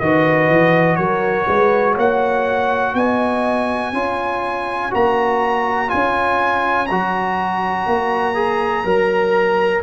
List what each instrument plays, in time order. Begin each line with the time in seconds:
0.00 tuba D#3, trombone F#4, horn B4, trumpet D#5
0.49 tuba E3
0.96 tuba F#3, horn A#4, trumpet C#5
1.48 tuba G#3, horn B4
1.93 tuba A#3, horn C#5, trumpet F#5
2.94 tuba B3, horn D#5, trumpet G#5
3.93 tuba C#4, trombone F4, horn C#5
4.91 tuba A#3, trombone F#4, trumpet A#5
5.88 tuba C#4, trombone F4, trumpet G#5
6.86 tuba F#3, trombone F#4, trumpet A#5
7.86 tuba A#3
8.35 trombone G#4
8.84 tuba F#3, trombone A#4